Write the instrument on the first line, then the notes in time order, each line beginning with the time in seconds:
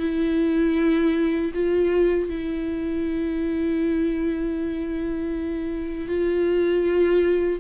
viola
0.00 E4
1.54 F4
2.30 E4
6.08 F4